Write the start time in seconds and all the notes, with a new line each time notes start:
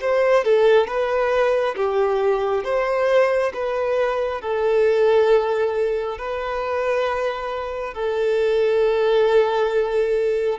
0.00 C5
0.44 A4
0.87 B4
1.76 G4
2.64 C5
3.53 B4
4.41 A4
6.18 B4
7.94 A4